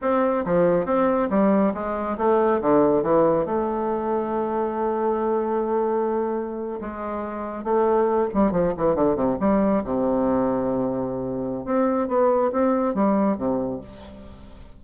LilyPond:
\new Staff \with { instrumentName = "bassoon" } { \time 4/4 \tempo 4 = 139 c'4 f4 c'4 g4 | gis4 a4 d4 e4 | a1~ | a2.~ a8. gis16~ |
gis4.~ gis16 a4. g8 f16~ | f16 e8 d8 c8 g4 c4~ c16~ | c2. c'4 | b4 c'4 g4 c4 | }